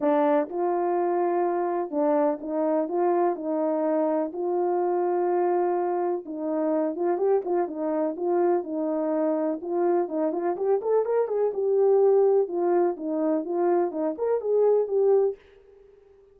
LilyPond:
\new Staff \with { instrumentName = "horn" } { \time 4/4 \tempo 4 = 125 d'4 f'2. | d'4 dis'4 f'4 dis'4~ | dis'4 f'2.~ | f'4 dis'4. f'8 g'8 f'8 |
dis'4 f'4 dis'2 | f'4 dis'8 f'8 g'8 a'8 ais'8 gis'8 | g'2 f'4 dis'4 | f'4 dis'8 ais'8 gis'4 g'4 | }